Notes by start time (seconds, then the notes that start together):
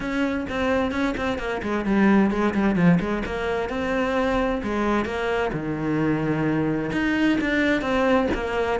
0.00 C#4
0.49 C4
0.91 C#4
1.17 C4
1.38 A#3
1.62 G#3
1.85 G3
2.31 G#3
2.54 G3
2.75 F3
2.99 G#3
3.25 A#3
3.69 C4
4.63 G#3
5.05 A#3
5.52 D#3
6.92 D#4
7.41 D4
7.81 C4
8.34 A#3